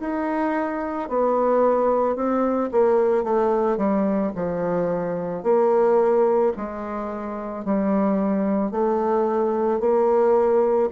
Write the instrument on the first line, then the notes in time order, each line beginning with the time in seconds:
bassoon
0.00 D#4
1.09 B3
2.16 C4
2.72 A#3
3.24 A3
3.78 G3
4.35 F3
5.43 A#3
6.57 G#3
7.65 G3
8.72 A3
9.80 A#3